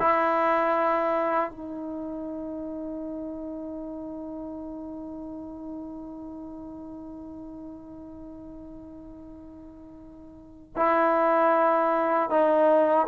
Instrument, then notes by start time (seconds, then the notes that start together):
trombone
0.00 E4
1.51 D#4
10.77 E4
12.30 D#4